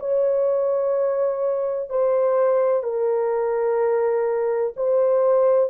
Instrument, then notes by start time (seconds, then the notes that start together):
horn
0.00 C#5
1.90 C5
2.84 A#4
4.77 C5